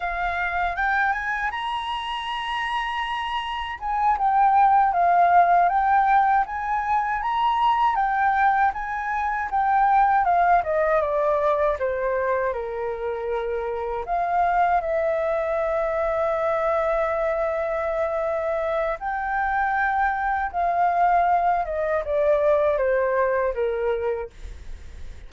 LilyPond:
\new Staff \with { instrumentName = "flute" } { \time 4/4 \tempo 4 = 79 f''4 g''8 gis''8 ais''2~ | ais''4 gis''8 g''4 f''4 g''8~ | g''8 gis''4 ais''4 g''4 gis''8~ | gis''8 g''4 f''8 dis''8 d''4 c''8~ |
c''8 ais'2 f''4 e''8~ | e''1~ | e''4 g''2 f''4~ | f''8 dis''8 d''4 c''4 ais'4 | }